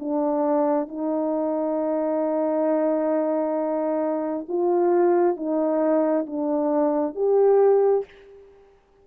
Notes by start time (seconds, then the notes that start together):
0.00 D4
0.88 D#4
4.49 F4
5.37 D#4
6.26 D4
7.16 G4